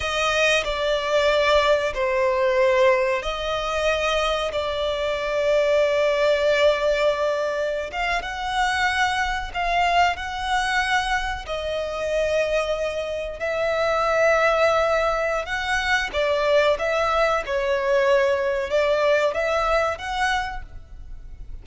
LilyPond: \new Staff \with { instrumentName = "violin" } { \time 4/4 \tempo 4 = 93 dis''4 d''2 c''4~ | c''4 dis''2 d''4~ | d''1~ | d''16 f''8 fis''2 f''4 fis''16~ |
fis''4.~ fis''16 dis''2~ dis''16~ | dis''8. e''2.~ e''16 | fis''4 d''4 e''4 cis''4~ | cis''4 d''4 e''4 fis''4 | }